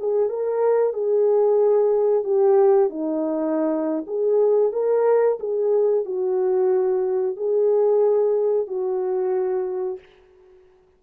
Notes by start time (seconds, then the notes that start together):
0.00 G#4
0.30 A#4
0.94 G#4
2.24 G4
2.90 D#4
4.07 G#4
4.73 A#4
5.40 G#4
6.05 F#4
7.37 G#4
8.68 F#4